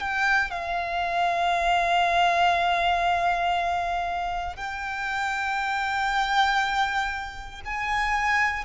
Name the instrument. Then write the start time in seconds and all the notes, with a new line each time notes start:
violin
0.00 G5
0.50 F5
4.56 G5
7.65 G#5